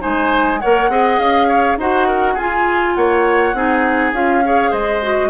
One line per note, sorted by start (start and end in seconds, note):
0.00 0.64 G#3
0.00 0.59 D#4
0.00 0.60 C5
0.00 0.60 G#5
0.60 0.89 A#3
0.60 0.91 A#4
0.60 0.90 C#5
0.60 1.19 F#5
0.89 1.19 C4
0.89 1.79 G#4
0.89 1.48 D#5
1.19 1.77 C#4
1.19 1.78 F5
1.48 1.78 C#5
1.77 2.36 D#4
1.77 2.39 F#4
1.77 2.08 C5
1.77 2.38 F#5
2.08 2.34 A#4
2.34 2.96 F4
2.34 3.55 F4
2.34 2.93 G#4
2.34 2.95 G#5
2.95 3.54 A#3
2.95 3.56 C#5
2.95 4.13 F#5
3.54 4.12 C4
3.54 4.14 D#4
3.54 4.45 G#4
4.12 4.71 C#4
4.12 4.43 F4
4.12 4.73 F5
4.45 5.02 G#4
4.45 4.71 C#5
4.71 5.30 G#3
4.71 5.30 C5
4.71 5.30 D#5
5.02 5.30 F#4